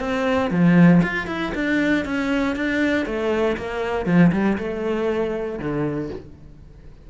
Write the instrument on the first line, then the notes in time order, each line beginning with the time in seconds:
cello
0.00 C4
0.51 F3
1.03 F4
1.27 E4
1.55 D4
2.05 C#4
2.56 D4
3.06 A3
3.57 A#3
4.06 F3
4.32 G3
4.58 A3
5.59 D3